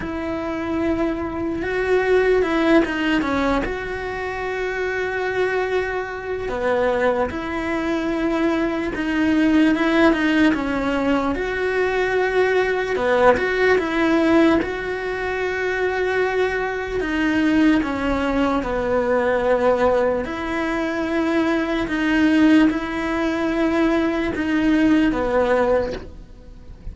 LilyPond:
\new Staff \with { instrumentName = "cello" } { \time 4/4 \tempo 4 = 74 e'2 fis'4 e'8 dis'8 | cis'8 fis'2.~ fis'8 | b4 e'2 dis'4 | e'8 dis'8 cis'4 fis'2 |
b8 fis'8 e'4 fis'2~ | fis'4 dis'4 cis'4 b4~ | b4 e'2 dis'4 | e'2 dis'4 b4 | }